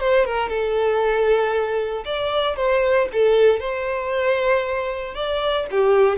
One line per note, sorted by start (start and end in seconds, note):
0.00 0.25 C5
0.25 0.49 A#4
0.49 2.04 A4
2.05 2.56 D5
2.56 3.08 C5
3.12 3.60 A4
3.60 5.15 C5
5.15 5.66 D5
5.71 6.18 G4